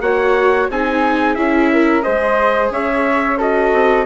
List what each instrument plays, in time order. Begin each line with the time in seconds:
0.00 bassoon A#3, viola F#4, flute C#5, trumpet F#5
0.70 bassoon C4, viola D#4, flute G#4, trumpet G#5
1.35 bassoon C#4, viola E4, trumpet E5
1.72 flute A#4
2.02 bassoon G#3, viola G#4, flute C5, trumpet D#5
2.70 bassoon C#4, flute C#5, trumpet E5
3.37 viola F#4, flute A4, trumpet D#5
3.72 bassoon C4